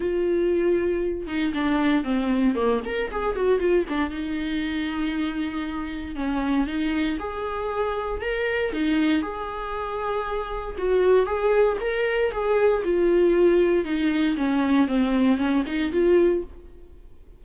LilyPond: \new Staff \with { instrumentName = "viola" } { \time 4/4 \tempo 4 = 117 f'2~ f'8 dis'8 d'4 | c'4 ais8 ais'8 gis'8 fis'8 f'8 d'8 | dis'1 | cis'4 dis'4 gis'2 |
ais'4 dis'4 gis'2~ | gis'4 fis'4 gis'4 ais'4 | gis'4 f'2 dis'4 | cis'4 c'4 cis'8 dis'8 f'4 | }